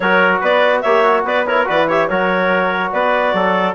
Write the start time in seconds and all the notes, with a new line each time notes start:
0.00 F#3 F#4 A#4 C#5
0.40 B3 B4 D5
0.81 A#3 G4 C#5 E5
1.04 F#4
1.24 B3 B4 D5
1.46 E4 A#4 C#5
1.64 E3 F#4 B4 D5
1.88 G4 C#5 E5
2.07 F#3 F#4 A#4 C#5
2.92 B3 B4 D5
3.33 F#3 A4